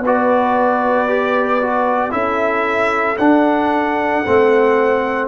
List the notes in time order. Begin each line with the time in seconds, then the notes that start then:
0.00 B3 F#4 B4 D5
1.08 G4
1.61 F#4
2.10 C#4 E4 A4 E5
3.18 D4 F#5
4.26 A3 C4